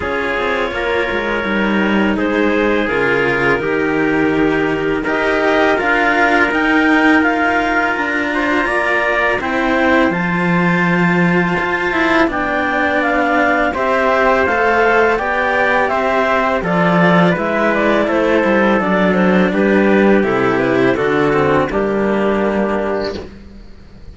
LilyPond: <<
  \new Staff \with { instrumentName = "clarinet" } { \time 4/4 \tempo 4 = 83 cis''2. c''4 | ais'2. dis''4 | f''4 g''4 f''4 ais''4~ | ais''4 g''4 a''2~ |
a''4 g''4 f''4 e''4 | f''4 g''4 e''4 d''4 | e''8 d''8 c''4 d''8 c''8 b'4 | a'8 b'16 c''16 a'4 g'2 | }
  \new Staff \with { instrumentName = "trumpet" } { \time 4/4 gis'4 ais'2 gis'4~ | gis'4 g'2 ais'4~ | ais'2.~ ais'8 c''8 | d''4 c''2.~ |
c''4 d''2 c''4~ | c''4 d''4 c''4 a'4 | b'4 a'2 g'4~ | g'4 fis'4 d'2 | }
  \new Staff \with { instrumentName = "cello" } { \time 4/4 f'2 dis'2 | f'4 dis'2 g'4 | f'4 dis'4 f'2~ | f'4 e'4 f'2~ |
f'8 e'8 d'2 g'4 | a'4 g'2 f'4 | e'2 d'2 | e'4 d'8 c'8 ais2 | }
  \new Staff \with { instrumentName = "cello" } { \time 4/4 cis'8 c'8 ais8 gis8 g4 gis4 | cis4 dis2 dis'4 | d'4 dis'2 d'4 | ais4 c'4 f2 |
f'4 b2 c'4 | a4 b4 c'4 f4 | gis4 a8 g8 fis4 g4 | c4 d4 g2 | }
>>